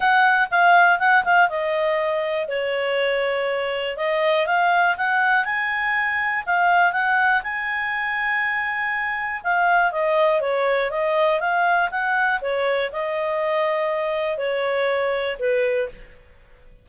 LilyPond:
\new Staff \with { instrumentName = "clarinet" } { \time 4/4 \tempo 4 = 121 fis''4 f''4 fis''8 f''8 dis''4~ | dis''4 cis''2. | dis''4 f''4 fis''4 gis''4~ | gis''4 f''4 fis''4 gis''4~ |
gis''2. f''4 | dis''4 cis''4 dis''4 f''4 | fis''4 cis''4 dis''2~ | dis''4 cis''2 b'4 | }